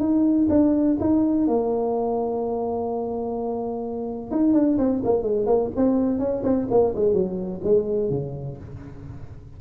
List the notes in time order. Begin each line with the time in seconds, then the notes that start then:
0.00 D#4
0.50 D4
1.00 D#4
1.47 A#3
4.31 D#4
4.54 D4
4.78 C4
5.04 A#3
5.23 G#3
5.46 A#3
5.76 C4
6.19 C#4
6.44 C4
6.71 A#3
6.95 G#3
7.14 F#3
7.64 G#3
8.10 C#3